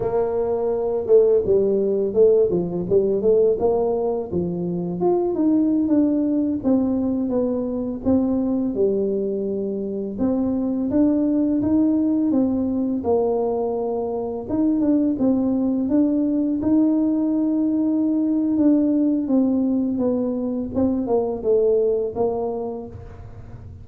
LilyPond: \new Staff \with { instrumentName = "tuba" } { \time 4/4 \tempo 4 = 84 ais4. a8 g4 a8 f8 | g8 a8 ais4 f4 f'8 dis'8~ | dis'16 d'4 c'4 b4 c'8.~ | c'16 g2 c'4 d'8.~ |
d'16 dis'4 c'4 ais4.~ ais16~ | ais16 dis'8 d'8 c'4 d'4 dis'8.~ | dis'2 d'4 c'4 | b4 c'8 ais8 a4 ais4 | }